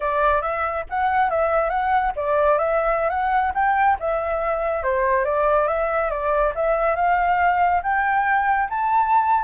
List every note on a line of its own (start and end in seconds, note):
0.00 0.41 D5
0.41 0.84 E5
0.89 1.30 F#5
1.30 1.69 E5
1.69 2.12 F#5
2.16 2.58 D5
2.58 3.09 E5
3.09 3.52 F#5
3.54 3.97 G5
3.99 4.83 E5
4.83 5.24 C5
5.24 5.67 D5
5.67 6.10 E5
6.10 6.53 D5
6.55 6.95 E5
6.95 7.81 F5
7.83 8.68 G5
8.69 9.43 A5